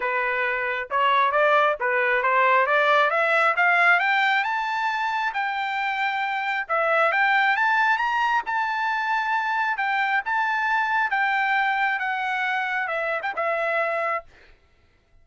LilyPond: \new Staff \with { instrumentName = "trumpet" } { \time 4/4 \tempo 4 = 135 b'2 cis''4 d''4 | b'4 c''4 d''4 e''4 | f''4 g''4 a''2 | g''2. e''4 |
g''4 a''4 ais''4 a''4~ | a''2 g''4 a''4~ | a''4 g''2 fis''4~ | fis''4 e''8. g''16 e''2 | }